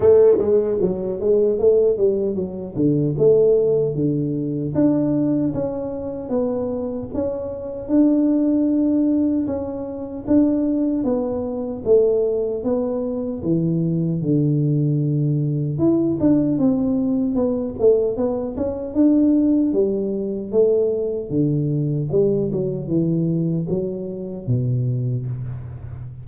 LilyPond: \new Staff \with { instrumentName = "tuba" } { \time 4/4 \tempo 4 = 76 a8 gis8 fis8 gis8 a8 g8 fis8 d8 | a4 d4 d'4 cis'4 | b4 cis'4 d'2 | cis'4 d'4 b4 a4 |
b4 e4 d2 | e'8 d'8 c'4 b8 a8 b8 cis'8 | d'4 g4 a4 d4 | g8 fis8 e4 fis4 b,4 | }